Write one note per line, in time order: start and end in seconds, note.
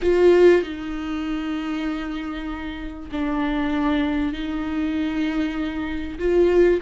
0.01 0.62 F4
0.62 3.09 D#4
3.11 4.32 D4
4.32 6.18 D#4
6.18 6.80 F4